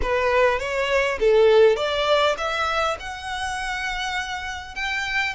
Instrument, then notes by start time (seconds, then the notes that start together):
violin
0.02 B4
0.59 C#5
1.19 A4
1.76 D5
2.37 E5
2.99 F#5
4.75 G5